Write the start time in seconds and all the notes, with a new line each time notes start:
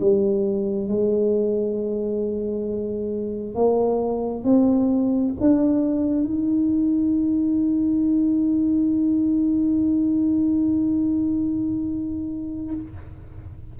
0.00 G3
0.88 G#3
3.55 A#3
4.44 C4
5.40 D4
6.24 D#4